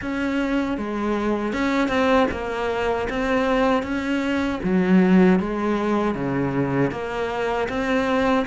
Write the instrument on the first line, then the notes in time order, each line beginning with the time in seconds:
cello
0.01 C#4
0.77 G#3
1.52 C#4
1.88 C4
2.31 A#3
3.09 C4
3.83 C#4
4.63 F#3
5.39 G#3
6.14 C#3
6.91 A#3
7.69 C4